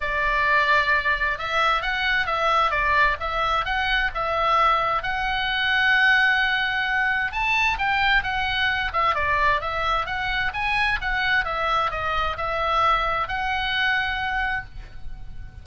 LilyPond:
\new Staff \with { instrumentName = "oboe" } { \time 4/4 \tempo 4 = 131 d''2. e''4 | fis''4 e''4 d''4 e''4 | fis''4 e''2 fis''4~ | fis''1 |
a''4 g''4 fis''4. e''8 | d''4 e''4 fis''4 gis''4 | fis''4 e''4 dis''4 e''4~ | e''4 fis''2. | }